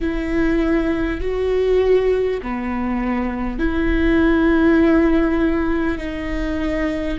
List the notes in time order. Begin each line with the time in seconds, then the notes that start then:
0.00 E4
1.21 F#4
2.42 B3
3.58 E4
5.97 D#4